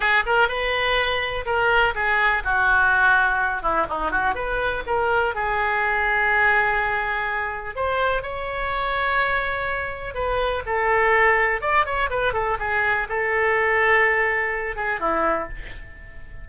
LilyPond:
\new Staff \with { instrumentName = "oboe" } { \time 4/4 \tempo 4 = 124 gis'8 ais'8 b'2 ais'4 | gis'4 fis'2~ fis'8 e'8 | dis'8 fis'8 b'4 ais'4 gis'4~ | gis'1 |
c''4 cis''2.~ | cis''4 b'4 a'2 | d''8 cis''8 b'8 a'8 gis'4 a'4~ | a'2~ a'8 gis'8 e'4 | }